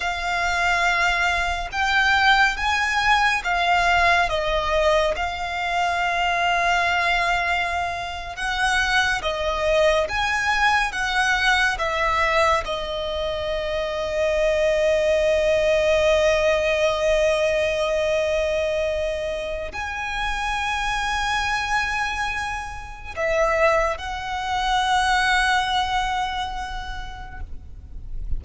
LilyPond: \new Staff \with { instrumentName = "violin" } { \time 4/4 \tempo 4 = 70 f''2 g''4 gis''4 | f''4 dis''4 f''2~ | f''4.~ f''16 fis''4 dis''4 gis''16~ | gis''8. fis''4 e''4 dis''4~ dis''16~ |
dis''1~ | dis''2. gis''4~ | gis''2. e''4 | fis''1 | }